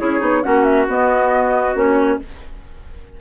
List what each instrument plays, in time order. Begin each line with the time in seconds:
0.00 bassoon C#4, clarinet E4, trumpet G#4, flute C#5
0.20 bassoon B3, clarinet D#4
0.43 bassoon A#3, clarinet C#4, trumpet F#4, flute F#5
0.64 flute E5
0.88 bassoon B3, clarinet B3, flute D#5
1.75 bassoon A#3, clarinet C#4, flute C#5